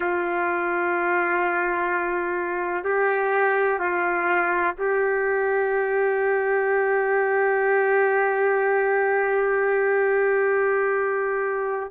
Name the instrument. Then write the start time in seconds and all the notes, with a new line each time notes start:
trumpet
0.00 F4
2.84 G4
3.79 F4
4.78 G4